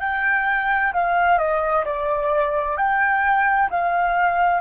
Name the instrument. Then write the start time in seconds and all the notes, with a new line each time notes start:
flute
0.00 G5
0.93 F5
1.38 D#5
1.85 D5
2.77 G5
3.70 F5